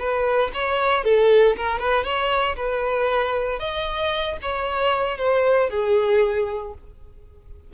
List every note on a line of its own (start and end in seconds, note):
0.00 0.52 B4
0.54 1.05 C#5
1.05 1.57 A4
1.57 1.80 A#4
1.80 2.05 B4
2.05 2.57 C#5
2.57 3.60 B4
3.60 4.38 D#5
4.42 5.18 C#5
5.18 5.70 C5
5.71 6.74 G#4